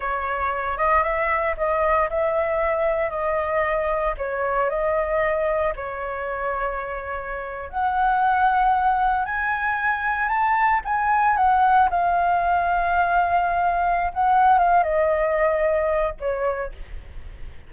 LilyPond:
\new Staff \with { instrumentName = "flute" } { \time 4/4 \tempo 4 = 115 cis''4. dis''8 e''4 dis''4 | e''2 dis''2 | cis''4 dis''2 cis''4~ | cis''2~ cis''8. fis''4~ fis''16~ |
fis''4.~ fis''16 gis''2 a''16~ | a''8. gis''4 fis''4 f''4~ f''16~ | f''2. fis''4 | f''8 dis''2~ dis''8 cis''4 | }